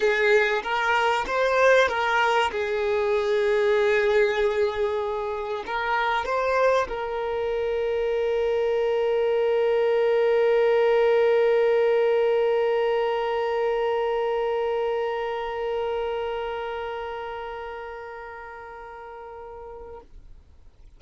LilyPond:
\new Staff \with { instrumentName = "violin" } { \time 4/4 \tempo 4 = 96 gis'4 ais'4 c''4 ais'4 | gis'1~ | gis'4 ais'4 c''4 ais'4~ | ais'1~ |
ais'1~ | ais'1~ | ais'1~ | ais'1 | }